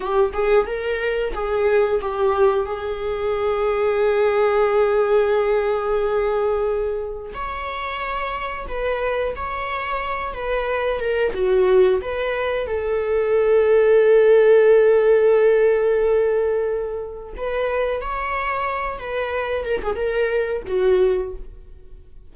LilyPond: \new Staff \with { instrumentName = "viola" } { \time 4/4 \tempo 4 = 90 g'8 gis'8 ais'4 gis'4 g'4 | gis'1~ | gis'2. cis''4~ | cis''4 b'4 cis''4. b'8~ |
b'8 ais'8 fis'4 b'4 a'4~ | a'1~ | a'2 b'4 cis''4~ | cis''8 b'4 ais'16 gis'16 ais'4 fis'4 | }